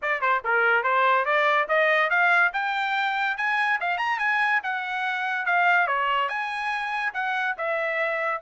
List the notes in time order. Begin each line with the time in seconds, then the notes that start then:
0.02 D5
0.21 C5
0.44 A#4
0.83 C5
1.25 D5
1.68 D#5
2.09 F5
2.53 G5
3.37 G#5
3.80 F5
3.97 A#5
4.18 G#5
4.63 F#5
5.45 F5
5.87 C#5
6.28 G#5
7.13 F#5
7.57 E5